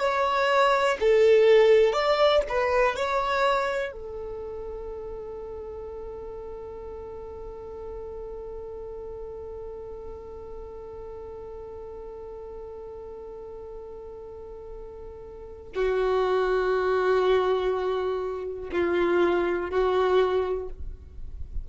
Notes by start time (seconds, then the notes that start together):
0.00 C#5
1.01 A4
1.94 D5
2.49 B4
2.96 C#5
3.93 A4
15.76 F#4
18.72 F4
19.71 F#4